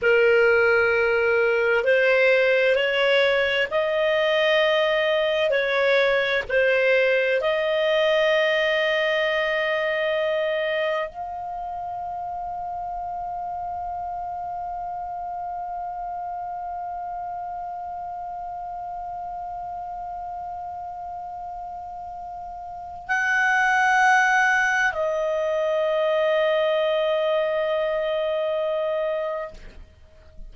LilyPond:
\new Staff \with { instrumentName = "clarinet" } { \time 4/4 \tempo 4 = 65 ais'2 c''4 cis''4 | dis''2 cis''4 c''4 | dis''1 | f''1~ |
f''1~ | f''1~ | f''4 fis''2 dis''4~ | dis''1 | }